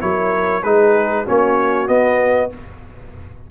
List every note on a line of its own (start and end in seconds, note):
0.00 0.64 F#3
0.00 0.62 E4
0.00 0.64 A#4
0.00 0.63 C#5
0.63 1.26 G#3
0.63 1.26 D#4
0.63 1.24 G#4
0.63 1.26 B4
1.24 1.88 A#3
1.24 1.87 C#4
1.24 2.49 F#4
1.24 1.88 C#5
1.87 2.50 B3
1.87 2.51 B3
1.87 2.51 D#5